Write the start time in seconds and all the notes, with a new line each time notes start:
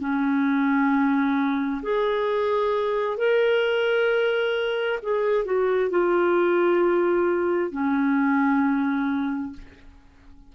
0.00 C#4
1.83 G#4
3.18 A#4
5.02 G#4
5.45 F#4
5.90 F4
7.71 C#4